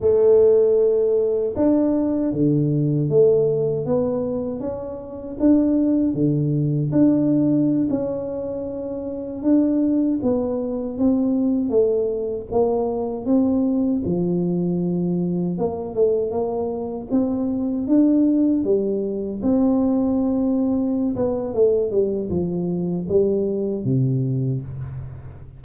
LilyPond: \new Staff \with { instrumentName = "tuba" } { \time 4/4 \tempo 4 = 78 a2 d'4 d4 | a4 b4 cis'4 d'4 | d4 d'4~ d'16 cis'4.~ cis'16~ | cis'16 d'4 b4 c'4 a8.~ |
a16 ais4 c'4 f4.~ f16~ | f16 ais8 a8 ais4 c'4 d'8.~ | d'16 g4 c'2~ c'16 b8 | a8 g8 f4 g4 c4 | }